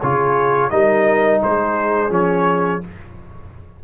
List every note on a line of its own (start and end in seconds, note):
0.00 0.71 C#3
0.00 0.71 F4
0.00 0.71 G#4
0.00 0.70 C#5
0.70 1.42 G3
0.70 2.10 D#4
0.70 1.42 A#4
0.70 1.41 D#5
1.42 2.10 G#3
1.42 2.84 G#4
1.42 2.13 C5
2.10 2.81 F3
2.10 2.81 C#4
2.10 2.84 C#5